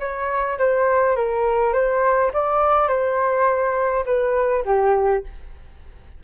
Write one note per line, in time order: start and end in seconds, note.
0.00 0.58 C#5
0.59 1.16 C5
1.16 1.73 A#4
1.73 2.32 C5
2.34 2.88 D5
2.88 4.05 C5
4.06 4.64 B4
4.65 5.24 G4